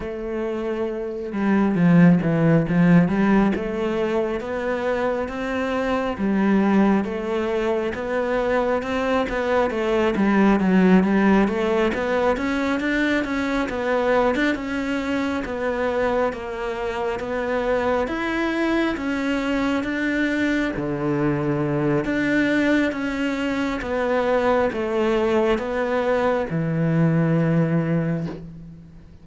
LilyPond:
\new Staff \with { instrumentName = "cello" } { \time 4/4 \tempo 4 = 68 a4. g8 f8 e8 f8 g8 | a4 b4 c'4 g4 | a4 b4 c'8 b8 a8 g8 | fis8 g8 a8 b8 cis'8 d'8 cis'8 b8~ |
b16 d'16 cis'4 b4 ais4 b8~ | b8 e'4 cis'4 d'4 d8~ | d4 d'4 cis'4 b4 | a4 b4 e2 | }